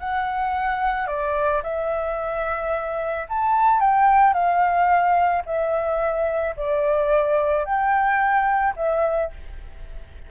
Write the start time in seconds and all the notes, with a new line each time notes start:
0.00 F#5
1.07 D5
1.63 E5
3.29 A5
3.80 G5
4.33 F5
5.46 E5
6.57 D5
7.65 G5
8.76 E5